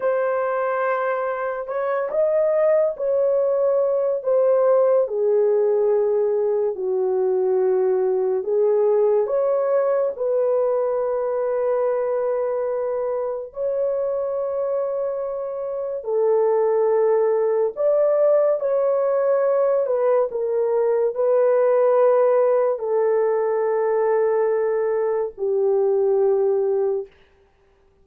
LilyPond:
\new Staff \with { instrumentName = "horn" } { \time 4/4 \tempo 4 = 71 c''2 cis''8 dis''4 cis''8~ | cis''4 c''4 gis'2 | fis'2 gis'4 cis''4 | b'1 |
cis''2. a'4~ | a'4 d''4 cis''4. b'8 | ais'4 b'2 a'4~ | a'2 g'2 | }